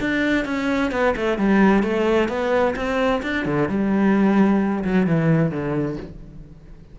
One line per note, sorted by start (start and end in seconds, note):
0.00 0.45 D4
0.45 0.91 C#4
0.91 1.14 B3
1.16 1.38 A3
1.38 1.83 G3
1.83 2.28 A3
2.28 2.74 B3
2.76 3.22 C4
3.22 3.45 D4
3.45 3.68 D3
3.68 4.84 G3
4.84 5.06 F#3
5.06 5.51 E3
5.51 5.97 D3